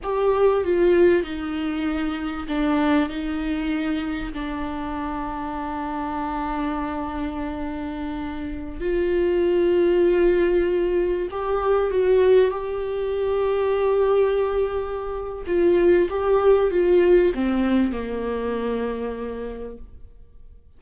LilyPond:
\new Staff \with { instrumentName = "viola" } { \time 4/4 \tempo 4 = 97 g'4 f'4 dis'2 | d'4 dis'2 d'4~ | d'1~ | d'2~ d'16 f'4.~ f'16~ |
f'2~ f'16 g'4 fis'8.~ | fis'16 g'2.~ g'8.~ | g'4 f'4 g'4 f'4 | c'4 ais2. | }